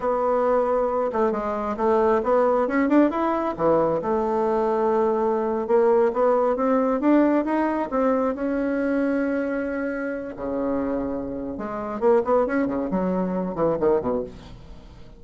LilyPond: \new Staff \with { instrumentName = "bassoon" } { \time 4/4 \tempo 4 = 135 b2~ b8 a8 gis4 | a4 b4 cis'8 d'8 e'4 | e4 a2.~ | a8. ais4 b4 c'4 d'16~ |
d'8. dis'4 c'4 cis'4~ cis'16~ | cis'2.~ cis'16 cis8.~ | cis2 gis4 ais8 b8 | cis'8 cis8 fis4. e8 dis8 b,8 | }